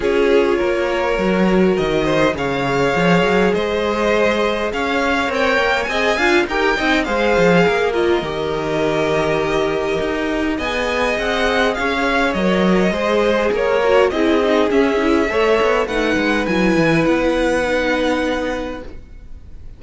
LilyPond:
<<
  \new Staff \with { instrumentName = "violin" } { \time 4/4 \tempo 4 = 102 cis''2. dis''4 | f''2 dis''2 | f''4 g''4 gis''4 g''4 | f''4. dis''2~ dis''8~ |
dis''2 gis''4 fis''4 | f''4 dis''2 cis''4 | dis''4 e''2 fis''4 | gis''4 fis''2. | }
  \new Staff \with { instrumentName = "violin" } { \time 4/4 gis'4 ais'2~ ais'8 c''8 | cis''2 c''2 | cis''2 dis''8 f''8 ais'8 dis''8 | c''4 ais'2.~ |
ais'2 dis''2 | cis''2 c''4 ais'4 | gis'2 cis''4 b'4~ | b'1 | }
  \new Staff \with { instrumentName = "viola" } { \time 4/4 f'2 fis'2 | gis'1~ | gis'4 ais'4 gis'8 f'8 g'8 dis'8 | gis'4. f'8 g'2~ |
g'2 gis'2~ | gis'4 ais'4 gis'4. fis'8 | e'8 dis'8 cis'8 e'8 a'4 dis'4 | e'2 dis'2 | }
  \new Staff \with { instrumentName = "cello" } { \time 4/4 cis'4 ais4 fis4 dis4 | cis4 f8 fis8 gis2 | cis'4 c'8 ais8 c'8 d'8 dis'8 c'8 | gis8 f8 ais4 dis2~ |
dis4 dis'4 b4 c'4 | cis'4 fis4 gis4 ais4 | c'4 cis'4 a8 b8 a8 gis8 | fis8 e8 b2. | }
>>